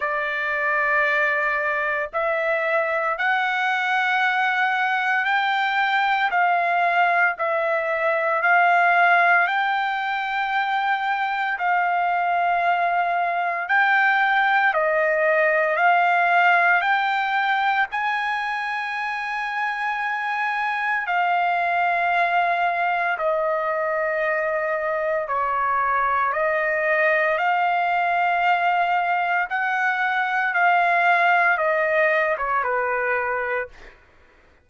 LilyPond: \new Staff \with { instrumentName = "trumpet" } { \time 4/4 \tempo 4 = 57 d''2 e''4 fis''4~ | fis''4 g''4 f''4 e''4 | f''4 g''2 f''4~ | f''4 g''4 dis''4 f''4 |
g''4 gis''2. | f''2 dis''2 | cis''4 dis''4 f''2 | fis''4 f''4 dis''8. cis''16 b'4 | }